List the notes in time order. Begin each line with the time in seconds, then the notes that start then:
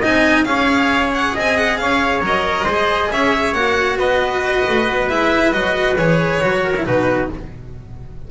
0.00 C4 D#4 D#5 G#5
0.45 C#4 G#4 C#5 F5
1.15 F#5
1.34 C4 D#5 G#5
1.58 F#5
1.78 C#4 C#5 F5
2.21 F#3 A#4 D#5
2.64 G#3 G#4 C5
3.11 C#4 C#5 E5
3.54 A#3 F#4 F#5
3.97 B3 B4 D#5
4.69 A3
4.89 B3
5.09 G#3 E4 E5
5.52 F#3 F#4 D#5
5.97 E3 G#4 C#5
6.42 F#3 F#4
6.64 A#4
6.77 E4
6.86 B2 D#4 F#4 B4